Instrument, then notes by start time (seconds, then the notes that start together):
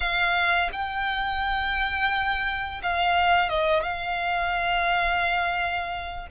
violin
0.00 F5
0.72 G5
2.82 F5
3.49 D#5
3.82 F5